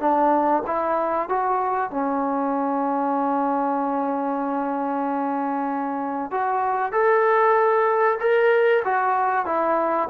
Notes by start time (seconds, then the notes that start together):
0.00 D4
0.67 E4
1.29 F#4
1.91 C#4
6.31 F#4
6.92 A4
8.20 A#4
8.84 F#4
9.46 E4